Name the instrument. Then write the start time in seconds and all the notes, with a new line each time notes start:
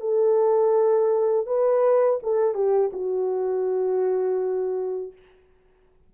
horn
0.00 A4
1.46 B4
2.23 A4
2.54 G4
2.92 F#4